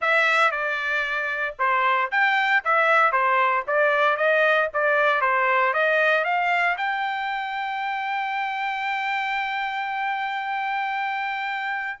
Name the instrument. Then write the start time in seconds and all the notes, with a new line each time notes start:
trumpet
0.01 E5
0.51 D5
1.58 C5
2.11 G5
2.64 E5
3.11 C5
3.67 D5
4.16 D#5
4.73 D5
5.21 C5
5.73 D#5
6.24 F5
6.77 G5